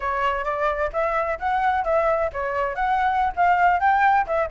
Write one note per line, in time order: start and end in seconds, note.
0.00 0.44 C#5
0.44 0.90 D5
0.92 1.38 E5
1.39 1.84 F#5
1.84 2.30 E5
2.32 2.75 C#5
2.75 3.33 F#5
3.36 3.80 F5
3.80 4.26 G5
4.27 4.50 E5